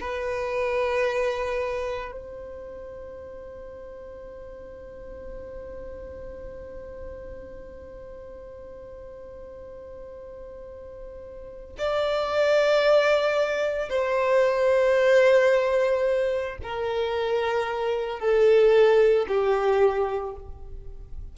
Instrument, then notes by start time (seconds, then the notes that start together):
violin
0.00 B4
2.11 C5
11.78 D5
13.89 C5
16.63 A#4
18.19 A4
19.28 G4